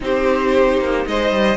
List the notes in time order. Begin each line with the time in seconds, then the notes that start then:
0.00 C4 D#4 G4 C5
0.79 A#3
1.06 G#3 C5 D#5
1.31 G3